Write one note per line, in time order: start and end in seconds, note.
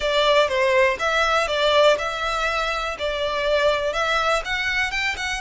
0.00 0.48 D5
0.48 0.97 C5
0.99 1.47 E5
1.47 1.96 D5
1.98 2.96 E5
2.98 3.93 D5
3.93 4.42 E5
4.44 4.91 F#5
4.91 5.15 G5
5.17 5.41 F#5